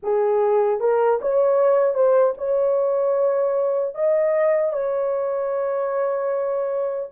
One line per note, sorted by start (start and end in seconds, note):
0.03 0.80 G#4
0.80 1.19 A#4
1.21 1.94 C#5
1.94 2.33 C5
2.37 3.94 C#5
3.94 4.73 D#5
4.73 7.09 C#5